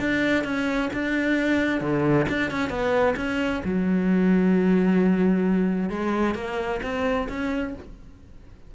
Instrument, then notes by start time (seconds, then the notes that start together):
cello
0.00 D4
0.45 C#4
0.94 D4
1.81 D3
2.29 D4
2.51 C#4
2.70 B3
3.17 C#4
3.65 F#3
5.90 G#3
6.35 A#3
6.83 C4
7.29 C#4